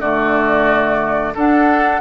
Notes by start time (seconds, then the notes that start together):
0.00 D3 A3 F#4 D5
1.34 D4 A4 F#5